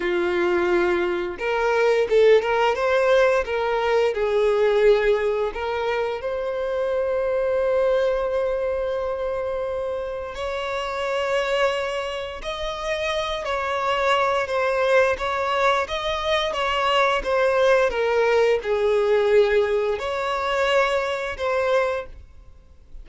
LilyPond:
\new Staff \with { instrumentName = "violin" } { \time 4/4 \tempo 4 = 87 f'2 ais'4 a'8 ais'8 | c''4 ais'4 gis'2 | ais'4 c''2.~ | c''2. cis''4~ |
cis''2 dis''4. cis''8~ | cis''4 c''4 cis''4 dis''4 | cis''4 c''4 ais'4 gis'4~ | gis'4 cis''2 c''4 | }